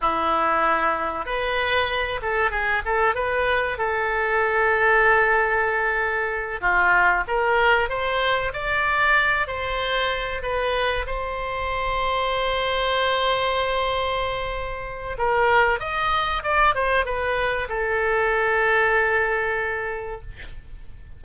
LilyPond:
\new Staff \with { instrumentName = "oboe" } { \time 4/4 \tempo 4 = 95 e'2 b'4. a'8 | gis'8 a'8 b'4 a'2~ | a'2~ a'8 f'4 ais'8~ | ais'8 c''4 d''4. c''4~ |
c''8 b'4 c''2~ c''8~ | c''1 | ais'4 dis''4 d''8 c''8 b'4 | a'1 | }